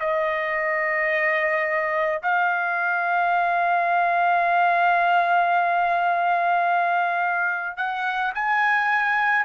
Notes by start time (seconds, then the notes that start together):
0.00 D#5
2.23 F5
7.77 F#5
8.35 G#5